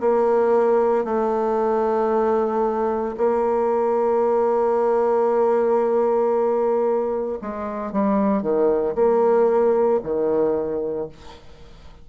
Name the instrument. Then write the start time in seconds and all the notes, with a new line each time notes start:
bassoon
0.00 A#3
1.05 A3
3.17 A#3
7.42 G#3
7.92 G3
8.42 D#3
8.95 A#3
10.03 D#3